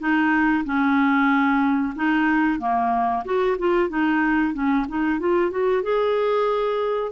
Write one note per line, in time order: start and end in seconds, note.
0.00 0.65 D#4
0.65 1.94 C#4
1.96 2.60 D#4
2.60 3.24 A#3
3.25 3.57 F#4
3.59 3.90 F4
3.90 4.54 D#4
4.54 4.86 C#4
4.89 5.20 D#4
5.20 5.51 F4
5.51 5.83 F#4
5.83 7.12 G#4